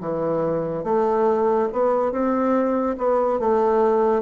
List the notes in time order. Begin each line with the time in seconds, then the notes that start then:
0.00 E3
0.84 A3
1.72 B3
2.12 C4
2.98 B3
3.39 A3